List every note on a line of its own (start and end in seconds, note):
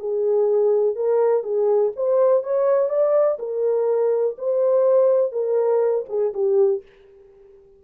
0.00 0.96 G#4
0.96 1.44 A#4
1.44 1.92 G#4
1.96 2.44 C5
2.44 2.90 C#5
2.90 3.38 D5
3.39 4.37 A#4
4.38 5.33 C5
5.33 6.06 A#4
6.09 6.34 G#4
6.34 6.83 G4